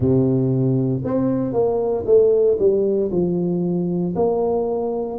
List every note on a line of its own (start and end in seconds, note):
0.00 1.02 C3
1.04 1.53 C4
1.53 2.05 A#3
2.05 2.57 A3
2.59 3.10 G3
3.11 4.14 F3
4.15 5.18 A#3